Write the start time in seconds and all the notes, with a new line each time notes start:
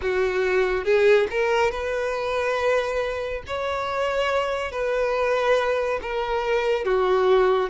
0.01 F#4
0.84 G#4
1.30 A#4
1.71 B4
3.46 C#5
4.71 B4
6.02 A#4
6.85 F#4